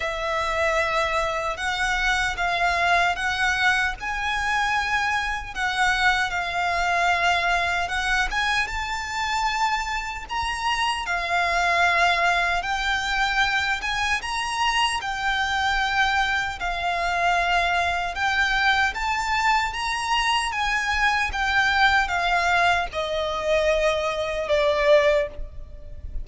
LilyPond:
\new Staff \with { instrumentName = "violin" } { \time 4/4 \tempo 4 = 76 e''2 fis''4 f''4 | fis''4 gis''2 fis''4 | f''2 fis''8 gis''8 a''4~ | a''4 ais''4 f''2 |
g''4. gis''8 ais''4 g''4~ | g''4 f''2 g''4 | a''4 ais''4 gis''4 g''4 | f''4 dis''2 d''4 | }